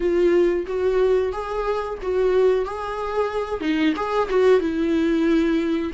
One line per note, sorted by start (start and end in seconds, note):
0.00 0.66 F4
0.66 1.32 F#4
1.32 1.98 G#4
2.02 2.65 F#4
2.65 3.60 G#4
3.60 3.93 D#4
3.96 4.29 G#4
4.29 4.60 F#4
4.60 5.92 E4